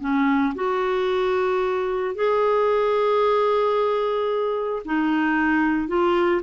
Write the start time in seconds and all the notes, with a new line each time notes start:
0.00 C#4
0.55 F#4
2.15 G#4
4.85 D#4
5.88 F4